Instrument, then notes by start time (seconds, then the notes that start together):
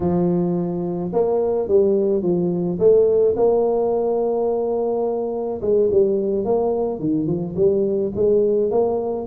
tuba
0.00 F3
1.12 A#3
1.67 G3
2.22 F3
2.79 A3
3.36 A#3
5.61 G#3
5.91 G3
6.44 A#3
6.99 D#3
7.26 F3
7.56 G3
8.15 G#3
8.70 A#3